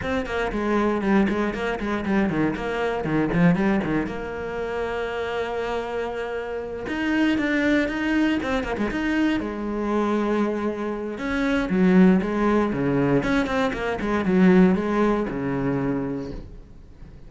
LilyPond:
\new Staff \with { instrumentName = "cello" } { \time 4/4 \tempo 4 = 118 c'8 ais8 gis4 g8 gis8 ais8 gis8 | g8 dis8 ais4 dis8 f8 g8 dis8 | ais1~ | ais4. dis'4 d'4 dis'8~ |
dis'8 c'8 ais16 gis16 dis'4 gis4.~ | gis2 cis'4 fis4 | gis4 cis4 cis'8 c'8 ais8 gis8 | fis4 gis4 cis2 | }